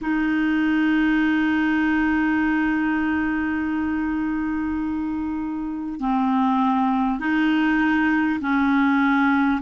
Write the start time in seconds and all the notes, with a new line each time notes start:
0.01 D#4
6.00 C4
7.19 D#4
8.41 C#4